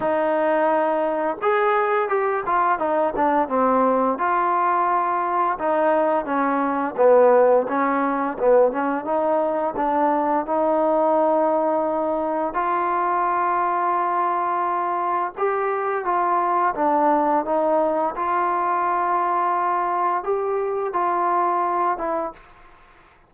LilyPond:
\new Staff \with { instrumentName = "trombone" } { \time 4/4 \tempo 4 = 86 dis'2 gis'4 g'8 f'8 | dis'8 d'8 c'4 f'2 | dis'4 cis'4 b4 cis'4 | b8 cis'8 dis'4 d'4 dis'4~ |
dis'2 f'2~ | f'2 g'4 f'4 | d'4 dis'4 f'2~ | f'4 g'4 f'4. e'8 | }